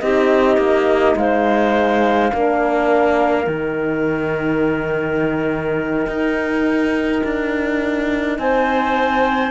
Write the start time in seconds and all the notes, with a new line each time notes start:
0.00 C4 D#4 G4 D#5
0.57 A#3
1.16 G#3 C5 F5
2.32 A#3 D4 A#4
3.45 D#3 D#4 G5
6.07 D#4
7.24 D4
8.37 C4 C5 G#5